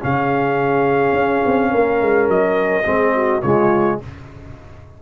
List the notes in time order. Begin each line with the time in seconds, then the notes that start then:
0.00 C#3 C#4 G#4 F5
1.12 C#4
1.45 C4
1.71 A#3 A#4
2.01 G#3
2.28 F#3 D#5
2.84 G#3 C4 G#4
3.15 F#4
3.42 C#3 G#3 F4 C#5